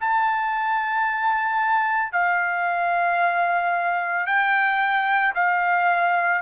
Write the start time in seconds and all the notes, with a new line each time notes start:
0.00 A5
2.12 F5
4.26 G5
5.34 F5